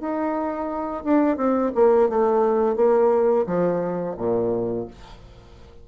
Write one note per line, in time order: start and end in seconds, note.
0.00 1.04 D#4
1.04 1.37 D4
1.37 1.72 C4
1.75 2.10 A#3
2.10 2.76 A3
2.76 3.46 A#3
3.46 4.16 F3
4.17 4.87 A#2